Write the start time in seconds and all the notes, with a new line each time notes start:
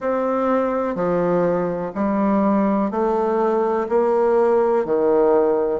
0.00 C4
0.95 F3
1.94 G3
2.90 A3
3.88 A#3
4.85 D#3